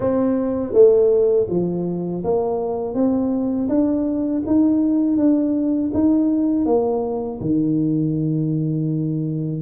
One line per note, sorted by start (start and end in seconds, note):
0.00 0.72 C4
0.72 1.46 A3
1.49 2.23 F3
2.24 2.94 A#3
2.94 3.68 C4
3.68 4.42 D4
4.46 5.17 D#4
5.17 5.91 D4
5.93 6.65 D#4
6.65 7.39 A#3
7.41 9.61 D#3